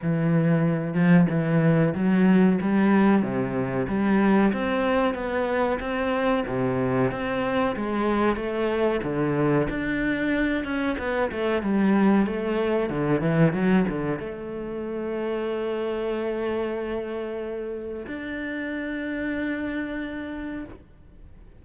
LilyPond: \new Staff \with { instrumentName = "cello" } { \time 4/4 \tempo 4 = 93 e4. f8 e4 fis4 | g4 c4 g4 c'4 | b4 c'4 c4 c'4 | gis4 a4 d4 d'4~ |
d'8 cis'8 b8 a8 g4 a4 | d8 e8 fis8 d8 a2~ | a1 | d'1 | }